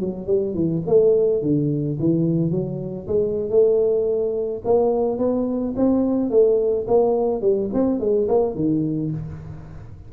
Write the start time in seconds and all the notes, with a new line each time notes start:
0.00 F#3
0.26 G3
0.54 E3
0.86 A3
1.42 D3
1.99 E3
2.51 F#3
3.07 G#3
3.50 A3
4.64 A#3
5.18 B3
5.76 C4
6.30 A3
6.87 A#3
7.41 G3
7.73 C4
7.99 G#3
8.28 A#3
8.55 D#3